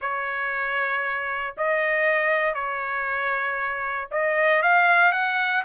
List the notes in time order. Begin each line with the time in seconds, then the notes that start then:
0.01 C#5
1.57 D#5
2.54 C#5
4.11 D#5
4.62 F5
5.11 F#5